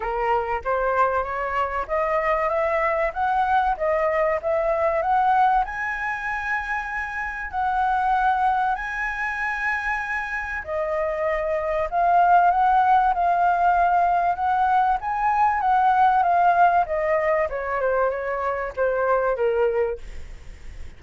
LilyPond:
\new Staff \with { instrumentName = "flute" } { \time 4/4 \tempo 4 = 96 ais'4 c''4 cis''4 dis''4 | e''4 fis''4 dis''4 e''4 | fis''4 gis''2. | fis''2 gis''2~ |
gis''4 dis''2 f''4 | fis''4 f''2 fis''4 | gis''4 fis''4 f''4 dis''4 | cis''8 c''8 cis''4 c''4 ais'4 | }